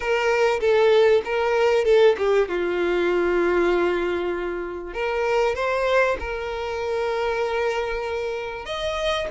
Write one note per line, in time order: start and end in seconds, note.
0.00 0.60 A#4
0.60 1.22 A4
1.24 1.84 A#4
1.84 2.15 A4
2.18 2.48 G4
2.48 4.93 F4
4.93 5.55 A#4
5.55 6.17 C5
6.19 8.65 A#4
8.65 9.27 D#5